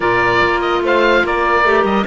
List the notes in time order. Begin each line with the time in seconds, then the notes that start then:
0.00 A#2 F4 A#4 D5
0.42 A#3
0.60 D#5
0.82 A3 C5 F5
1.23 A#3 A#4 D5
1.64 A3 G4
1.83 G3 D#5